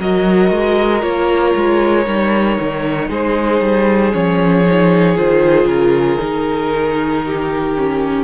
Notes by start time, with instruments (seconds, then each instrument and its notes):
0.00 cello F#3, viola F#4, violin A#4 D#5
0.51 cello G#3
1.01 cello A#3, viola F4, violin C#5
1.55 cello G#3
2.06 cello G3, viola D#4
2.60 cello D#3
3.09 cello G#3, violin G#4 C5
3.61 cello G3
4.12 cello F3, viola C#4, violin C#5
4.65 viola D#4
5.16 cello D#3, viola F4, violin C5
5.65 cello C#3, violin A#4
6.19 cello D#3, viola D#4
7.26 violin G4
7.77 viola C#4